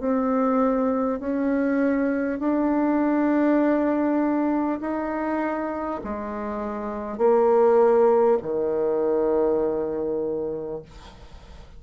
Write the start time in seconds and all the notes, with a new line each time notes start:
0.00 C4
1.20 C#4
2.39 D4
4.81 D#4
6.04 G#3
7.18 A#3
8.42 D#3